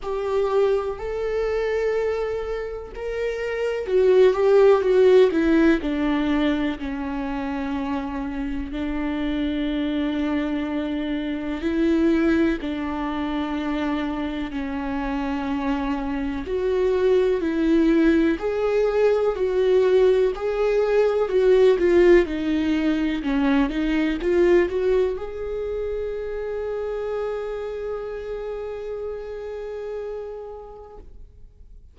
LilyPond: \new Staff \with { instrumentName = "viola" } { \time 4/4 \tempo 4 = 62 g'4 a'2 ais'4 | fis'8 g'8 fis'8 e'8 d'4 cis'4~ | cis'4 d'2. | e'4 d'2 cis'4~ |
cis'4 fis'4 e'4 gis'4 | fis'4 gis'4 fis'8 f'8 dis'4 | cis'8 dis'8 f'8 fis'8 gis'2~ | gis'1 | }